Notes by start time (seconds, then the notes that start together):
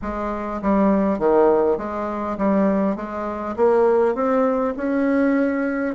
0.01 G#3
0.62 G3
1.18 D#3
1.77 G#3
2.37 G3
2.96 G#3
3.56 A#3
4.14 C4
4.76 C#4